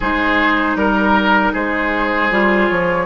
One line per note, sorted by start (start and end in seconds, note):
0.00 0.75 G#3
0.00 2.31 D#4
0.00 0.77 G#4
0.00 0.76 C5
0.75 1.52 G3
0.75 1.53 A#4
1.53 2.31 G#3
1.53 3.05 G#4
1.53 2.69 C5
2.31 2.69 G3
2.31 3.05 F4
2.69 3.05 F3
2.69 3.05 C#5